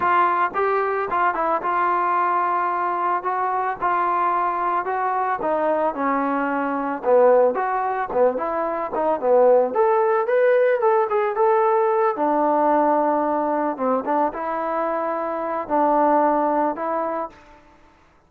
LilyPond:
\new Staff \with { instrumentName = "trombone" } { \time 4/4 \tempo 4 = 111 f'4 g'4 f'8 e'8 f'4~ | f'2 fis'4 f'4~ | f'4 fis'4 dis'4 cis'4~ | cis'4 b4 fis'4 b8 e'8~ |
e'8 dis'8 b4 a'4 b'4 | a'8 gis'8 a'4. d'4.~ | d'4. c'8 d'8 e'4.~ | e'4 d'2 e'4 | }